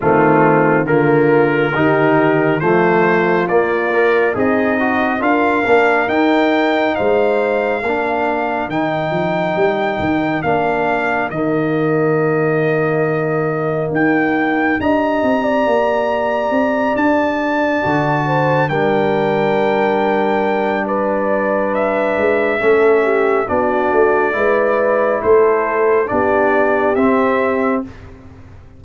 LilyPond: <<
  \new Staff \with { instrumentName = "trumpet" } { \time 4/4 \tempo 4 = 69 f'4 ais'2 c''4 | d''4 dis''4 f''4 g''4 | f''2 g''2 | f''4 dis''2. |
g''4 ais''2~ ais''8 a''8~ | a''4. g''2~ g''8 | d''4 e''2 d''4~ | d''4 c''4 d''4 e''4 | }
  \new Staff \with { instrumentName = "horn" } { \time 4/4 c'4 f'4 g'4 f'4~ | f'4 dis'4 ais'2 | c''4 ais'2.~ | ais'1~ |
ais'4 dis''8. d''2~ d''16~ | d''4 c''8 ais'2~ ais'8 | b'2 a'8 g'8 fis'4 | b'4 a'4 g'2 | }
  \new Staff \with { instrumentName = "trombone" } { \time 4/4 a4 ais4 dis'4 a4 | ais8 ais'8 gis'8 fis'8 f'8 d'8 dis'4~ | dis'4 d'4 dis'2 | d'4 ais2.~ |
ais4 g'2.~ | g'8 fis'4 d'2~ d'8~ | d'2 cis'4 d'4 | e'2 d'4 c'4 | }
  \new Staff \with { instrumentName = "tuba" } { \time 4/4 dis4 d4 dis4 f4 | ais4 c'4 d'8 ais8 dis'4 | gis4 ais4 dis8 f8 g8 dis8 | ais4 dis2. |
dis'4 d'8 c'8 ais4 c'8 d'8~ | d'8 d4 g2~ g8~ | g4. gis8 a4 b8 a8 | gis4 a4 b4 c'4 | }
>>